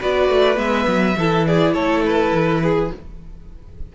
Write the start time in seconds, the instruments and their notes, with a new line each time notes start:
0.00 cello B3, viola F#4, violin B4 D5
0.29 cello A3
0.56 cello G#3, viola B3, violin E5
0.87 cello F#3
1.17 cello E3, viola E4, violin A4
1.46 violin G#4 D5
1.74 cello A3, violin A4 C#5
2.06 violin B4
2.32 cello E3
2.63 violin G#4